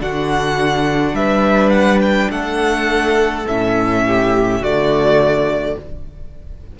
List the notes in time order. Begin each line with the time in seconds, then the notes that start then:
0.00 D3 D4 F#4 F#5
1.13 G3 B4 E5
1.70 F#5
2.02 G5
2.31 A3 A4 F#5
3.48 A2 C#4 E5
4.07 G4
4.60 D3 A3 F#4 D5